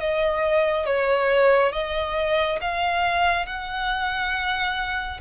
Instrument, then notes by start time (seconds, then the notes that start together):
violin
0.00 D#5
0.86 C#5
1.73 D#5
2.61 F5
3.46 F#5